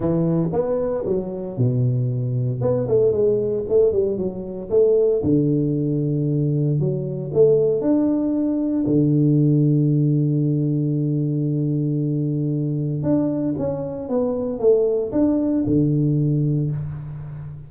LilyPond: \new Staff \with { instrumentName = "tuba" } { \time 4/4 \tempo 4 = 115 e4 b4 fis4 b,4~ | b,4 b8 a8 gis4 a8 g8 | fis4 a4 d2~ | d4 fis4 a4 d'4~ |
d'4 d2.~ | d1~ | d4 d'4 cis'4 b4 | a4 d'4 d2 | }